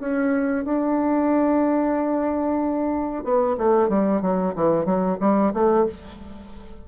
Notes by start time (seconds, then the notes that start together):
0.00 C#4
0.65 D4
3.24 B3
3.58 A3
3.89 G3
4.22 F#3
4.55 E3
4.85 F#3
5.20 G3
5.54 A3